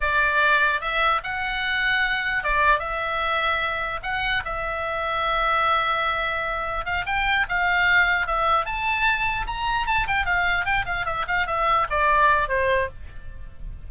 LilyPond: \new Staff \with { instrumentName = "oboe" } { \time 4/4 \tempo 4 = 149 d''2 e''4 fis''4~ | fis''2 d''4 e''4~ | e''2 fis''4 e''4~ | e''1~ |
e''4 f''8 g''4 f''4.~ | f''8 e''4 a''2 ais''8~ | ais''8 a''8 g''8 f''4 g''8 f''8 e''8 | f''8 e''4 d''4. c''4 | }